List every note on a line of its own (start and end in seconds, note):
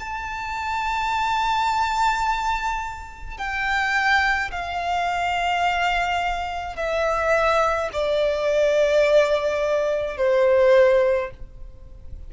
0.00 3.38 A5
3.38 4.51 G5
4.52 6.77 F5
6.77 7.90 E5
7.93 10.18 D5
10.18 11.31 C5